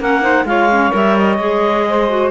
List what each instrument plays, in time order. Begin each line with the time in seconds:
0.00 cello A#3, clarinet C#4 F#5, saxophone A#4
0.22 clarinet D#4, saxophone C5
0.45 cello G#3, clarinet F4 F5, saxophone C#5
0.71 clarinet C#4
0.91 cello G3, clarinet A#4 E5
1.18 clarinet D#5
1.38 cello G#3, clarinet G#4
1.88 saxophone C5
2.08 clarinet F#4